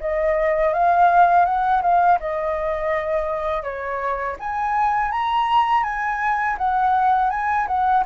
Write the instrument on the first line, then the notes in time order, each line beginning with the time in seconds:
flute
0.00 D#5
0.73 F5
1.45 F#5
1.82 F5
2.20 D#5
3.63 C#5
4.39 G#5
5.11 A#5
5.83 G#5
6.58 F#5
7.30 G#5
7.67 F#5